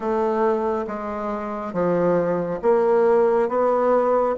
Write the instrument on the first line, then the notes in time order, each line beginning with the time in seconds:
bassoon
0.00 A3
0.87 G#3
1.73 F3
2.61 A#3
3.48 B3